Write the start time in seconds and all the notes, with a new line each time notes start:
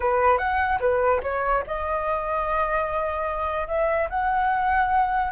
0.00 B4
0.37 F#5
0.79 B4
1.22 C#5
1.66 D#5
3.67 E5
4.09 F#5